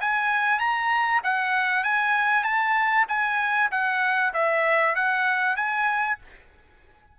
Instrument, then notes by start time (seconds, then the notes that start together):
trumpet
0.00 G#5
0.59 A#5
1.23 F#5
1.83 G#5
2.43 A5
3.08 G#5
3.71 F#5
4.34 E5
4.95 F#5
5.56 G#5